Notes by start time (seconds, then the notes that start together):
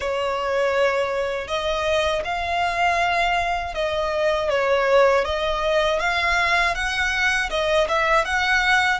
0.00 C#5
1.47 D#5
2.24 F5
3.74 D#5
4.49 C#5
5.24 D#5
5.99 F5
6.74 F#5
7.50 D#5
7.88 E5
8.25 F#5